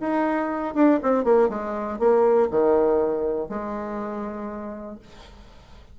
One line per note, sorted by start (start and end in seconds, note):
0.00 0.75 D#4
0.75 1.00 D4
1.02 1.24 C4
1.24 1.49 A#3
1.49 1.99 G#3
1.99 2.49 A#3
2.51 3.49 D#3
3.49 4.99 G#3